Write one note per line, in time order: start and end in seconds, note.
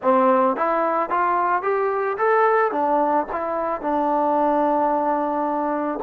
0.02 0.56 C4
0.56 1.09 E4
1.09 1.62 F4
1.62 2.17 G4
2.17 2.71 A4
2.71 3.26 D4
3.31 3.81 E4
3.81 5.99 D4